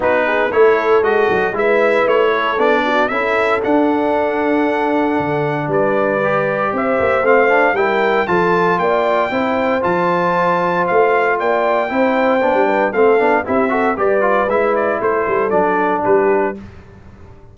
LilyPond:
<<
  \new Staff \with { instrumentName = "trumpet" } { \time 4/4 \tempo 4 = 116 b'4 cis''4 dis''4 e''4 | cis''4 d''4 e''4 fis''4~ | fis''2. d''4~ | d''4 e''4 f''4 g''4 |
a''4 g''2 a''4~ | a''4 f''4 g''2~ | g''4 f''4 e''4 d''4 | e''8 d''8 c''4 d''4 b'4 | }
  \new Staff \with { instrumentName = "horn" } { \time 4/4 fis'8 gis'8 a'2 b'4~ | b'8 a'4 fis'8 a'2~ | a'2. b'4~ | b'4 c''2 ais'4 |
a'4 d''4 c''2~ | c''2 d''4 c''4~ | c''8 b'8 a'4 g'8 a'8 b'4~ | b'4 a'2 g'4 | }
  \new Staff \with { instrumentName = "trombone" } { \time 4/4 dis'4 e'4 fis'4 e'4~ | e'4 d'4 e'4 d'4~ | d'1 | g'2 c'8 d'8 e'4 |
f'2 e'4 f'4~ | f'2. e'4 | d'4 c'8 d'8 e'8 fis'8 g'8 f'8 | e'2 d'2 | }
  \new Staff \with { instrumentName = "tuba" } { \time 4/4 b4 a4 gis8 fis8 gis4 | a4 b4 cis'4 d'4~ | d'2 d4 g4~ | g4 c'8 ais8 a4 g4 |
f4 ais4 c'4 f4~ | f4 a4 ais4 c'4 | b16 g8. a8 b8 c'4 g4 | gis4 a8 g8 fis4 g4 | }
>>